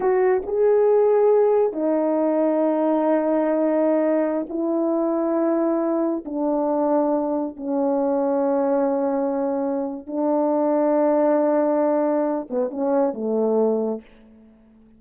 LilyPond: \new Staff \with { instrumentName = "horn" } { \time 4/4 \tempo 4 = 137 fis'4 gis'2. | dis'1~ | dis'2~ dis'16 e'4.~ e'16~ | e'2~ e'16 d'4.~ d'16~ |
d'4~ d'16 cis'2~ cis'8.~ | cis'2. d'4~ | d'1~ | d'8 b8 cis'4 a2 | }